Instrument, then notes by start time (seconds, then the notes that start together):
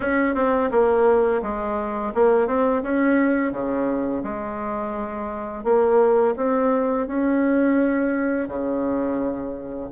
bassoon
0.00 C#4
0.34 C4
0.71 A#3
1.42 G#3
2.14 A#3
2.47 C4
2.82 C#4
3.52 C#3
4.23 G#3
5.64 A#3
6.36 C4
7.07 C#4
8.47 C#3